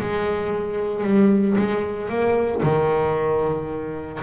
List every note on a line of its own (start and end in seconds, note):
0.00 1.04 G#3
1.04 1.56 G3
1.58 2.09 G#3
2.09 2.61 A#3
2.63 4.21 D#3